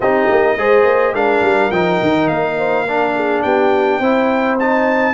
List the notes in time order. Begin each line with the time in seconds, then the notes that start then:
0.00 C4 D#4 G4 D#5
0.30 A#3
0.56 G#3 G#4 C5
0.84 A#3
1.12 G#3 D4 A#4 F5
1.41 G3
1.71 F3 D#4 G5
2.01 D#3
2.27 A#3 F5
2.58 C5
2.85 D4 A#4
3.15 G#4
3.42 B3 G4 G5
3.99 C4 E4 C5
4.59 D#4 A5